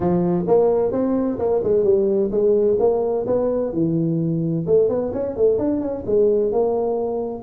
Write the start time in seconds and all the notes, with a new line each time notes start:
0.00 F3
0.47 A#3
0.92 C4
1.38 A#3
1.63 G#3
1.84 G3
2.31 G#3
2.79 A#3
3.26 B3
3.72 E3
4.66 A3
4.88 B3
5.13 C#4
5.36 A3
5.58 D4
5.80 C#4
6.06 G#3
6.51 A#3